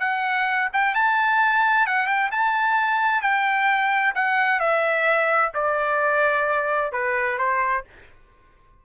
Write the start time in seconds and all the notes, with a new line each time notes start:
0.00 F#5
0.73 G5
0.95 A5
1.87 F#5
2.07 G5
2.32 A5
3.22 G5
4.15 F#5
4.60 E5
5.54 D5
6.92 B4
7.38 C5